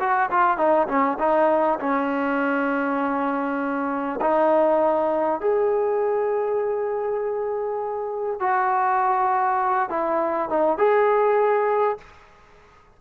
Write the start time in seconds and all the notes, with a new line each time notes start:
0.00 F#4
0.31 F4
0.58 D#4
0.88 C#4
1.19 D#4
1.80 C#4
4.21 D#4
5.41 G#4
8.40 F#4
9.90 E4
10.50 D#4
10.78 G#4